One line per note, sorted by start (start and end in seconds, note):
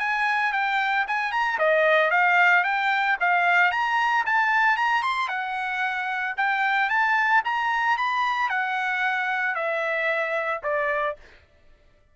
0.00 0.53 G#5
0.53 1.06 G5
1.08 1.32 G#5
1.32 1.59 A#5
1.59 2.11 D#5
2.11 2.64 F5
2.65 3.18 G5
3.21 3.72 F5
3.72 4.25 A#5
4.26 4.77 A5
4.77 5.03 A#5
5.03 5.29 C6
5.29 6.35 F#5
6.38 6.90 G5
6.90 7.43 A5
7.45 7.98 A#5
7.98 8.50 B5
8.50 9.56 F#5
9.56 10.62 E5
10.64 11.17 D5